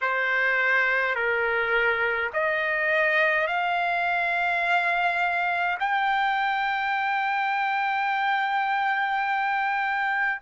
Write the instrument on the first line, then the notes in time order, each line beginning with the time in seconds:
trumpet
0.01 C5
1.15 A#4
2.33 D#5
3.47 F5
5.79 G5